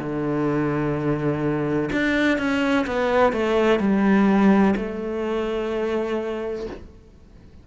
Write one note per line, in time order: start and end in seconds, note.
0.00 1.90 D3
1.93 2.39 D4
2.39 2.87 C#4
2.87 3.33 B3
3.33 3.80 A3
3.80 4.75 G3
4.77 6.67 A3